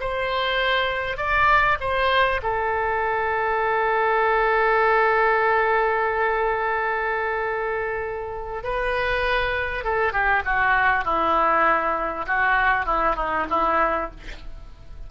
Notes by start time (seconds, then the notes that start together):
0.00 C5
1.17 D5
1.80 C5
2.42 A4
8.63 B4
9.84 A4
10.12 G4
10.45 F#4
11.04 E4
12.26 F#4
12.86 E4
13.16 D#4
13.50 E4